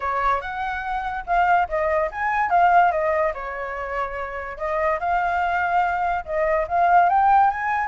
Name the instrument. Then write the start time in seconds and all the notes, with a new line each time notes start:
flute
0.00 C#5
0.41 F#5
1.26 F5
1.68 D#5
2.11 G#5
2.50 F5
2.91 D#5
3.34 C#5
4.57 D#5
4.99 F5
6.25 D#5
6.68 F5
7.09 G5
7.50 G#5